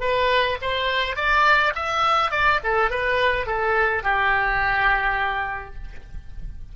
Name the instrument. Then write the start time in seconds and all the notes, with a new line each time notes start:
oboe
0.00 B4
0.61 C5
1.16 D5
1.75 E5
2.31 D5
2.63 A4
2.90 B4
3.46 A4
4.03 G4